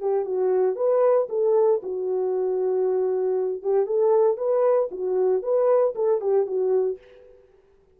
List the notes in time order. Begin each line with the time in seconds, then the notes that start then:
0.00 G4
0.25 F#4
0.76 B4
1.29 A4
1.83 F#4
3.63 G4
3.86 A4
4.37 B4
4.91 F#4
5.42 B4
5.95 A4
6.21 G4
6.46 F#4